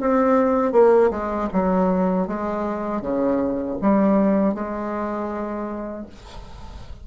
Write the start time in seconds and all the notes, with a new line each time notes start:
0.00 C4
0.72 A#3
1.10 G#3
1.53 F#3
2.27 G#3
3.01 C#3
3.81 G3
4.54 G#3